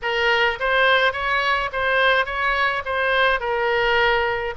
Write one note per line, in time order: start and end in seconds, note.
0.02 0.59 A#4
0.59 1.12 C5
1.12 1.70 C#5
1.72 2.25 C5
2.25 2.82 C#5
2.85 3.40 C5
3.40 4.54 A#4